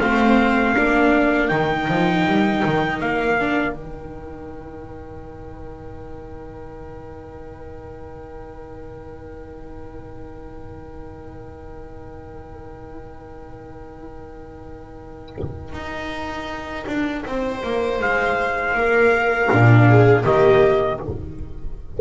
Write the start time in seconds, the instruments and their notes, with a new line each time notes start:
0.00 double bass A3, viola C4 C5, trumpet F5
0.76 double bass A#3, viola D4 A#4
1.49 double bass D#3, viola D#4, trumpet G5
1.89 double bass F3
2.27 double bass G3
2.65 double bass D#3
3.01 double bass A#3, trumpet F5
3.40 viola D4
3.74 double bass D#3, viola D#4, trumpet G5
15.73 double bass D#4
16.87 double bass D4
17.26 double bass C4, viola C5
17.64 double bass A#3
18.00 double bass G#3, trumpet F5
18.75 double bass A#3, viola A#4
19.52 double bass A#2, viola D4
19.89 viola G#4
20.23 double bass D#3, viola A#3 G4, trumpet D#5